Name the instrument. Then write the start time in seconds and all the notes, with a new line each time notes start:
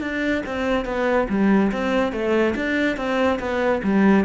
cello
0.00 D4
0.45 C4
0.85 B3
1.29 G3
1.72 C4
2.12 A3
2.55 D4
2.96 C4
3.39 B3
3.83 G3